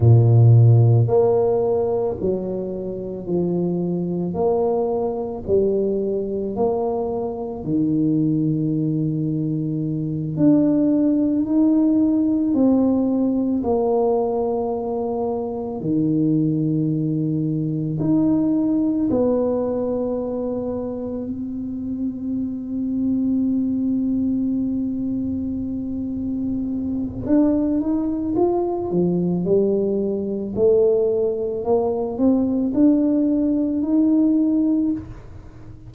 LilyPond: \new Staff \with { instrumentName = "tuba" } { \time 4/4 \tempo 4 = 55 ais,4 ais4 fis4 f4 | ais4 g4 ais4 dis4~ | dis4. d'4 dis'4 c'8~ | c'8 ais2 dis4.~ |
dis8 dis'4 b2 c'8~ | c'1~ | c'4 d'8 dis'8 f'8 f8 g4 | a4 ais8 c'8 d'4 dis'4 | }